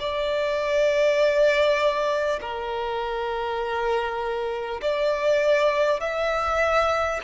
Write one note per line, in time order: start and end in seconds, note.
0.00 2.40 D5
2.41 4.81 A#4
4.82 6.01 D5
6.01 7.21 E5